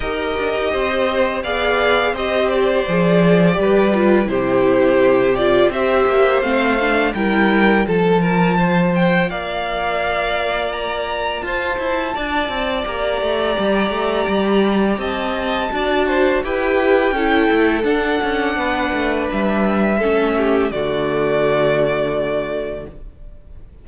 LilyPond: <<
  \new Staff \with { instrumentName = "violin" } { \time 4/4 \tempo 4 = 84 dis''2 f''4 dis''8 d''8~ | d''2 c''4. d''8 | e''4 f''4 g''4 a''4~ | a''8 g''8 f''2 ais''4 |
a''2 ais''2~ | ais''4 a''2 g''4~ | g''4 fis''2 e''4~ | e''4 d''2. | }
  \new Staff \with { instrumentName = "violin" } { \time 4/4 ais'4 c''4 d''4 c''4~ | c''4 b'4 g'2 | c''2 ais'4 a'8 ais'8 | c''4 d''2. |
c''4 d''2.~ | d''4 dis''4 d''8 c''8 b'4 | a'2 b'2 | a'8 g'8 fis'2. | }
  \new Staff \with { instrumentName = "viola" } { \time 4/4 g'2 gis'4 g'4 | gis'4 g'8 f'8 e'4. f'8 | g'4 c'8 d'8 e'4 f'4~ | f'1~ |
f'2 g'2~ | g'2 fis'4 g'4 | e'4 d'2. | cis'4 a2. | }
  \new Staff \with { instrumentName = "cello" } { \time 4/4 dis'8 d'16 dis'16 c'4 b4 c'4 | f4 g4 c2 | c'8 ais8 a4 g4 f4~ | f4 ais2. |
f'8 e'8 d'8 c'8 ais8 a8 g8 a8 | g4 c'4 d'4 e'4 | cis'8 a8 d'8 cis'8 b8 a8 g4 | a4 d2. | }
>>